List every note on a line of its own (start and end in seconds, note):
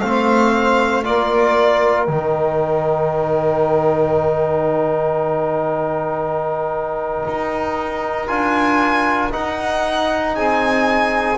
0.00 1.07 A3
0.00 1.03 C4
0.00 1.04 C5
0.00 1.03 F5
1.03 2.07 A#3
1.03 2.07 F4
1.03 10.36 A#4
1.03 2.05 D5
2.05 7.25 D#3
2.05 8.27 D#4
2.05 8.26 G5
7.27 8.30 D#4
8.27 9.33 D4
8.27 9.31 F4
8.27 9.31 G#5
9.31 11.37 D#4
9.31 10.36 D#4
9.31 10.35 F#5
10.35 11.38 C4
10.35 11.38 G#4
10.35 11.38 G#5